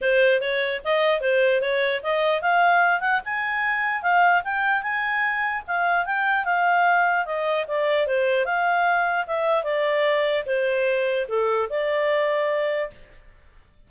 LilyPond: \new Staff \with { instrumentName = "clarinet" } { \time 4/4 \tempo 4 = 149 c''4 cis''4 dis''4 c''4 | cis''4 dis''4 f''4. fis''8 | gis''2 f''4 g''4 | gis''2 f''4 g''4 |
f''2 dis''4 d''4 | c''4 f''2 e''4 | d''2 c''2 | a'4 d''2. | }